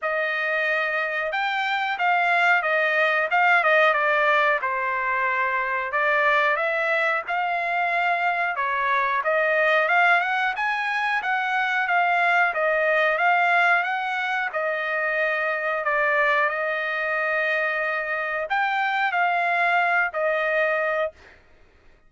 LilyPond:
\new Staff \with { instrumentName = "trumpet" } { \time 4/4 \tempo 4 = 91 dis''2 g''4 f''4 | dis''4 f''8 dis''8 d''4 c''4~ | c''4 d''4 e''4 f''4~ | f''4 cis''4 dis''4 f''8 fis''8 |
gis''4 fis''4 f''4 dis''4 | f''4 fis''4 dis''2 | d''4 dis''2. | g''4 f''4. dis''4. | }